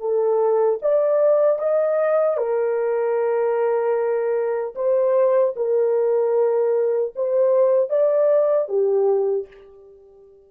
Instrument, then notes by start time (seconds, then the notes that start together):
horn
0.00 A4
0.82 D5
1.59 D#5
2.37 A#4
4.75 C5
5.56 A#4
7.16 C5
7.89 D5
8.68 G4